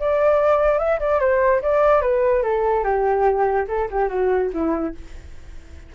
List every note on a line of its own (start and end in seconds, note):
0.00 0.79 D5
0.79 1.00 E5
1.00 1.21 D5
1.21 1.62 C5
1.63 2.02 D5
2.02 2.43 B4
2.43 2.84 A4
2.84 3.67 G4
3.68 3.89 A4
3.91 4.09 G4
4.09 4.50 F#4
4.54 4.95 E4